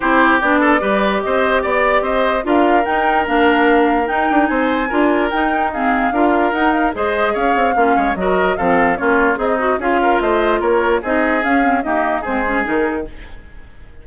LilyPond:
<<
  \new Staff \with { instrumentName = "flute" } { \time 4/4 \tempo 4 = 147 c''4 d''2 dis''4 | d''4 dis''4 f''4 g''4 | f''2 g''4 gis''4~ | gis''4 g''4 f''2 |
fis''8 f''8 dis''4 f''2 | dis''4 f''4 cis''4 dis''4 | f''4 dis''4 cis''4 dis''4 | f''4 dis''4 c''4 ais'4 | }
  \new Staff \with { instrumentName = "oboe" } { \time 4/4 g'4. a'8 b'4 c''4 | d''4 c''4 ais'2~ | ais'2. c''4 | ais'2 gis'4 ais'4~ |
ais'4 c''4 cis''4 f'8 cis''8 | ais'4 a'4 f'4 dis'4 | gis'8 ais'8 c''4 ais'4 gis'4~ | gis'4 g'4 gis'2 | }
  \new Staff \with { instrumentName = "clarinet" } { \time 4/4 e'4 d'4 g'2~ | g'2 f'4 dis'4 | d'2 dis'2 | f'4 dis'4 c'4 f'4 |
dis'4 gis'2 cis'4 | fis'4 c'4 cis'4 gis'8 fis'8 | f'2. dis'4 | cis'8 c'8 ais4 c'8 cis'8 dis'4 | }
  \new Staff \with { instrumentName = "bassoon" } { \time 4/4 c'4 b4 g4 c'4 | b4 c'4 d'4 dis'4 | ais2 dis'8 d'8 c'4 | d'4 dis'2 d'4 |
dis'4 gis4 cis'8 c'8 ais8 gis8 | fis4 f4 ais4 c'4 | cis'4 a4 ais4 c'4 | cis'4 dis'4 gis4 dis4 | }
>>